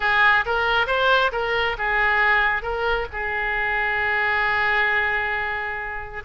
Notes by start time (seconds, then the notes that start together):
0.00 G#4
0.45 A#4
0.86 C5
1.32 A#4
1.78 G#4
2.62 A#4
3.12 G#4